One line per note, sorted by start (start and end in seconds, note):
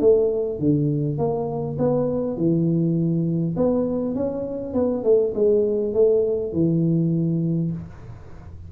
0.00 0.59 A3
0.59 1.18 D3
1.18 1.77 A#3
1.79 2.37 B3
2.37 3.56 E3
3.56 4.15 B3
4.15 4.74 C#4
4.74 5.04 B3
5.04 5.34 A3
5.34 5.94 G#3
5.94 6.53 A3
6.53 7.72 E3